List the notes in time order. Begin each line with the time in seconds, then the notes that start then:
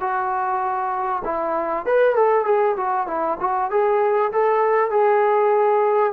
0.00 F#4
1.24 E4
1.86 B4
2.15 A4
2.45 G#4
2.77 F#4
3.07 E4
3.40 F#4
3.71 G#4
4.32 A4
4.91 G#4